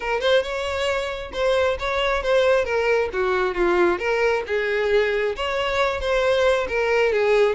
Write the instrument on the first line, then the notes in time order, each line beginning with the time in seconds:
violin
0.00 A#4
0.20 C5
0.42 C#5
1.33 C5
1.79 C#5
2.22 C5
2.64 A#4
3.12 F#4
3.54 F4
3.98 A#4
4.46 G#4
5.36 C#5
6.00 C5
6.68 A#4
7.12 G#4